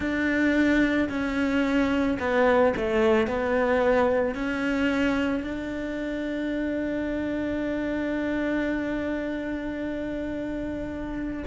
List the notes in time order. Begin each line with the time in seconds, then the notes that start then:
0.00 D4
1.09 C#4
2.19 B3
2.76 A3
3.27 B3
4.34 C#4
5.43 D4